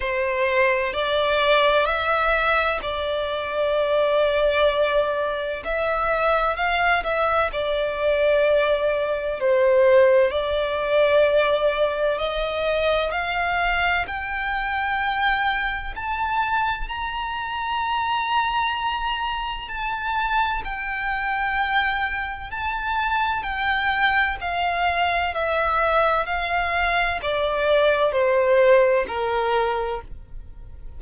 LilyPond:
\new Staff \with { instrumentName = "violin" } { \time 4/4 \tempo 4 = 64 c''4 d''4 e''4 d''4~ | d''2 e''4 f''8 e''8 | d''2 c''4 d''4~ | d''4 dis''4 f''4 g''4~ |
g''4 a''4 ais''2~ | ais''4 a''4 g''2 | a''4 g''4 f''4 e''4 | f''4 d''4 c''4 ais'4 | }